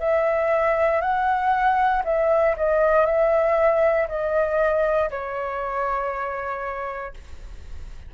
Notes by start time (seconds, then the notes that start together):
0.00 E5
1.01 F#5
2.05 E5
2.57 D#5
3.06 E5
4.09 D#5
5.11 C#5